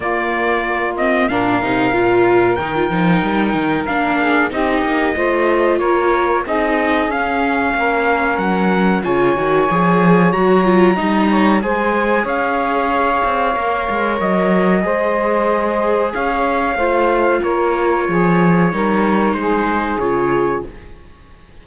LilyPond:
<<
  \new Staff \with { instrumentName = "trumpet" } { \time 4/4 \tempo 4 = 93 d''4. dis''8 f''2 | g''2 f''4 dis''4~ | dis''4 cis''4 dis''4 f''4~ | f''4 fis''4 gis''2 |
ais''2 gis''4 f''4~ | f''2 dis''2~ | dis''4 f''2 cis''4~ | cis''2 c''4 cis''4 | }
  \new Staff \with { instrumentName = "saxophone" } { \time 4/4 f'2 ais'2~ | ais'2~ ais'8 gis'8 g'4 | c''4 ais'4 gis'2 | ais'2 cis''2~ |
cis''4 dis''8 cis''8 c''4 cis''4~ | cis''2. c''4~ | c''4 cis''4 c''4 ais'4 | gis'4 ais'4 gis'2 | }
  \new Staff \with { instrumentName = "viola" } { \time 4/4 ais4. c'8 d'8 dis'8 f'4 | dis'16 f'16 dis'4. d'4 dis'4 | f'2 dis'4 cis'4~ | cis'2 f'8 fis'8 gis'4 |
fis'8 f'8 dis'4 gis'2~ | gis'4 ais'2 gis'4~ | gis'2 f'2~ | f'4 dis'2 f'4 | }
  \new Staff \with { instrumentName = "cello" } { \time 4/4 ais2 ais,8 c8 ais,4 | dis8 f8 g8 dis8 ais4 c'8 ais8 | a4 ais4 c'4 cis'4 | ais4 fis4 cis8 dis8 f4 |
fis4 g4 gis4 cis'4~ | cis'8 c'8 ais8 gis8 fis4 gis4~ | gis4 cis'4 a4 ais4 | f4 g4 gis4 cis4 | }
>>